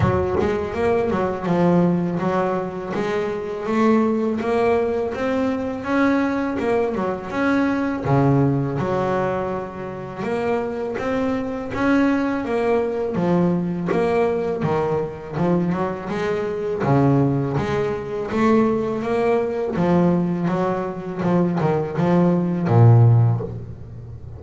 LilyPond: \new Staff \with { instrumentName = "double bass" } { \time 4/4 \tempo 4 = 82 fis8 gis8 ais8 fis8 f4 fis4 | gis4 a4 ais4 c'4 | cis'4 ais8 fis8 cis'4 cis4 | fis2 ais4 c'4 |
cis'4 ais4 f4 ais4 | dis4 f8 fis8 gis4 cis4 | gis4 a4 ais4 f4 | fis4 f8 dis8 f4 ais,4 | }